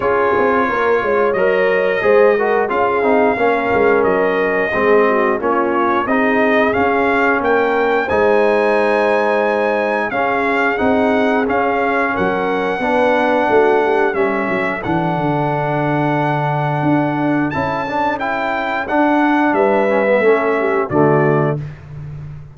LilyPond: <<
  \new Staff \with { instrumentName = "trumpet" } { \time 4/4 \tempo 4 = 89 cis''2 dis''2 | f''2 dis''2 | cis''4 dis''4 f''4 g''4 | gis''2. f''4 |
fis''4 f''4 fis''2~ | fis''4 e''4 fis''2~ | fis''2 a''4 g''4 | fis''4 e''2 d''4 | }
  \new Staff \with { instrumentName = "horn" } { \time 4/4 gis'4 ais'8 cis''4. c''8 ais'8 | gis'4 ais'2 gis'8 fis'8 | f'4 gis'2 ais'4 | c''2. gis'4~ |
gis'2 ais'4 b'4 | fis'8 g'8 a'2.~ | a'1~ | a'4 b'4 a'8 g'8 fis'4 | }
  \new Staff \with { instrumentName = "trombone" } { \time 4/4 f'2 ais'4 gis'8 fis'8 | f'8 dis'8 cis'2 c'4 | cis'4 dis'4 cis'2 | dis'2. cis'4 |
dis'4 cis'2 d'4~ | d'4 cis'4 d'2~ | d'2 e'8 d'8 e'4 | d'4. cis'16 b16 cis'4 a4 | }
  \new Staff \with { instrumentName = "tuba" } { \time 4/4 cis'8 c'8 ais8 gis8 fis4 gis4 | cis'8 c'8 ais8 gis8 fis4 gis4 | ais4 c'4 cis'4 ais4 | gis2. cis'4 |
c'4 cis'4 fis4 b4 | a4 g8 fis8 e8 d4.~ | d4 d'4 cis'2 | d'4 g4 a4 d4 | }
>>